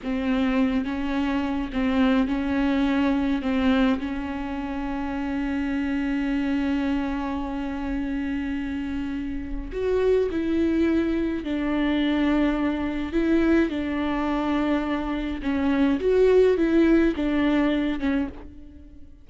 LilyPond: \new Staff \with { instrumentName = "viola" } { \time 4/4 \tempo 4 = 105 c'4. cis'4. c'4 | cis'2 c'4 cis'4~ | cis'1~ | cis'1~ |
cis'4 fis'4 e'2 | d'2. e'4 | d'2. cis'4 | fis'4 e'4 d'4. cis'8 | }